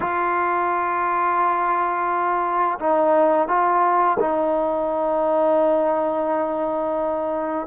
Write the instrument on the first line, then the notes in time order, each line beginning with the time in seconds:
trombone
0.00 F4
2.79 D#4
3.48 F4
4.19 D#4